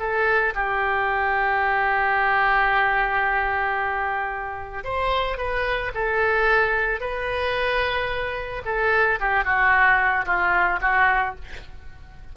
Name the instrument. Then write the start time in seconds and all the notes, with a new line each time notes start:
oboe
0.00 A4
0.55 G4
4.85 C5
5.38 B4
5.95 A4
7.01 B4
8.66 A4
9.20 G4
9.45 F#4
10.26 F4
10.82 F#4